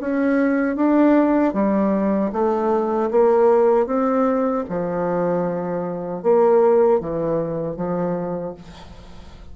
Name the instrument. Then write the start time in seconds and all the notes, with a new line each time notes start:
bassoon
0.00 C#4
0.76 D4
1.53 G3
2.32 A3
3.11 A#3
3.86 C4
4.69 F3
6.23 A#3
7.00 E3
7.76 F3